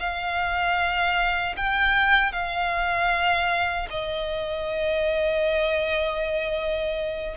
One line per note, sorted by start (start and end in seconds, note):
0.00 1.56 F5
1.57 2.32 G5
2.32 3.88 F5
3.90 7.37 D#5